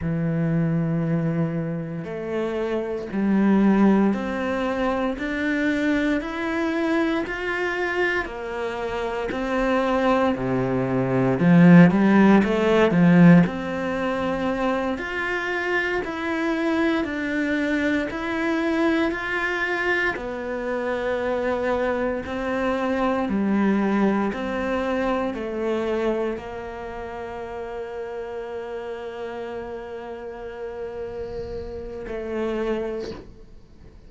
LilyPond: \new Staff \with { instrumentName = "cello" } { \time 4/4 \tempo 4 = 58 e2 a4 g4 | c'4 d'4 e'4 f'4 | ais4 c'4 c4 f8 g8 | a8 f8 c'4. f'4 e'8~ |
e'8 d'4 e'4 f'4 b8~ | b4. c'4 g4 c'8~ | c'8 a4 ais2~ ais8~ | ais2. a4 | }